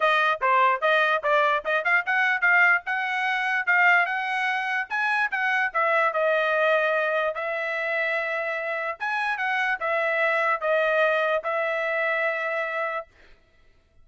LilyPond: \new Staff \with { instrumentName = "trumpet" } { \time 4/4 \tempo 4 = 147 dis''4 c''4 dis''4 d''4 | dis''8 f''8 fis''4 f''4 fis''4~ | fis''4 f''4 fis''2 | gis''4 fis''4 e''4 dis''4~ |
dis''2 e''2~ | e''2 gis''4 fis''4 | e''2 dis''2 | e''1 | }